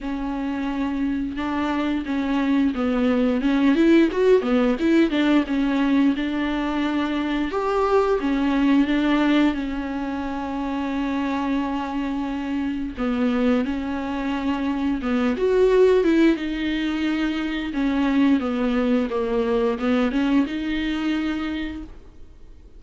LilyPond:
\new Staff \with { instrumentName = "viola" } { \time 4/4 \tempo 4 = 88 cis'2 d'4 cis'4 | b4 cis'8 e'8 fis'8 b8 e'8 d'8 | cis'4 d'2 g'4 | cis'4 d'4 cis'2~ |
cis'2. b4 | cis'2 b8 fis'4 e'8 | dis'2 cis'4 b4 | ais4 b8 cis'8 dis'2 | }